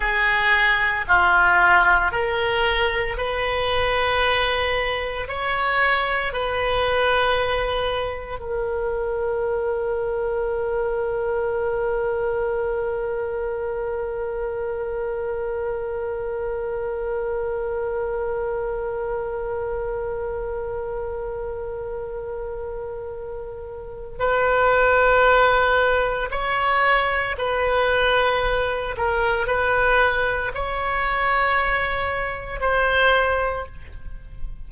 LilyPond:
\new Staff \with { instrumentName = "oboe" } { \time 4/4 \tempo 4 = 57 gis'4 f'4 ais'4 b'4~ | b'4 cis''4 b'2 | ais'1~ | ais'1~ |
ais'1~ | ais'2. b'4~ | b'4 cis''4 b'4. ais'8 | b'4 cis''2 c''4 | }